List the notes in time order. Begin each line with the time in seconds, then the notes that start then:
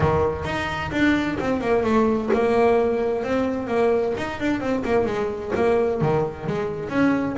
0.00 D#3
0.44 D#4
0.91 D4
1.40 C4
1.60 A#3
1.83 A3
2.33 A#3
3.23 C4
3.67 A#3
4.17 D#4
4.40 D4
4.60 C4
4.85 A#3
5.05 G#3
5.55 A#3
6.01 D#3
6.47 G#3
6.89 C#4